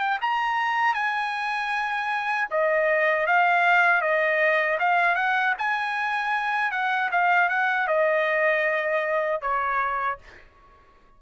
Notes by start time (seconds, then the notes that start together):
0.00 G5
0.22 A#5
0.94 G#5
2.51 D#5
3.27 F5
4.02 D#5
4.80 F5
5.16 F#5
5.59 G#5
6.72 F#5
7.12 F5
7.49 F#5
7.88 D#5
9.42 C#5